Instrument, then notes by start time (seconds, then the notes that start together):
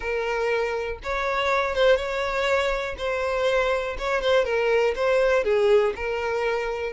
violin
0.00 A#4
1.03 C#5
1.75 C5
1.96 C#5
2.98 C5
3.98 C#5
4.21 C5
4.44 A#4
4.95 C5
5.44 G#4
5.95 A#4